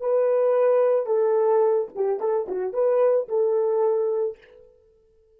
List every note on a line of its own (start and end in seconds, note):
0.00 1.06 B4
1.06 1.87 A4
1.95 2.20 G4
2.20 2.47 A4
2.48 2.73 F#4
2.73 3.28 B4
3.28 4.37 A4